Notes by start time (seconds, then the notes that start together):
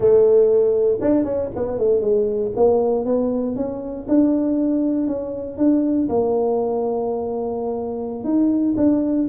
0.00 A3
1.01 D4
1.24 C#4
1.55 B3
1.78 A3
2.00 G#3
2.56 A#3
3.05 B3
3.56 C#4
4.08 D4
5.07 C#4
5.57 D4
6.09 A#3
8.23 D#4
8.77 D4